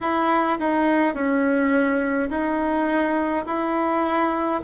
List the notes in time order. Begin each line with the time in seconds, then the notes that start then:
0.00 E4
0.59 D#4
1.14 C#4
2.30 D#4
3.46 E4